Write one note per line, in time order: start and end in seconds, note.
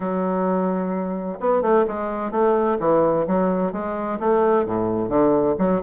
0.00 1.38 F#3
1.40 1.62 B3
1.62 1.85 A3
1.87 2.31 G#3
2.31 2.77 A3
2.79 3.26 E3
3.27 3.72 F#3
3.72 4.19 G#3
4.19 4.65 A3
4.65 5.08 A2
5.08 5.55 D3
5.58 5.81 F#3